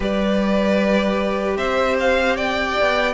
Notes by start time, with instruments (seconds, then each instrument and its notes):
0.00 cello G3, viola G4, violin B4 D5
1.57 cello C4, violin C5 E5
1.99 violin F5
2.36 violin D5 G5
2.80 cello B3